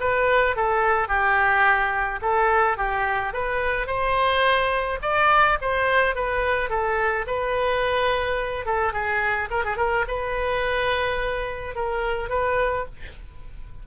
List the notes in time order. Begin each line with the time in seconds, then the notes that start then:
0.00 B4
0.56 A4
1.08 G4
2.21 A4
2.77 G4
3.33 B4
3.87 C5
5.02 D5
5.62 C5
6.15 B4
6.70 A4
7.27 B4
8.66 A4
8.93 G#4
9.50 A#4
9.64 G#4
9.77 A#4
10.08 B4
11.75 A#4
12.29 B4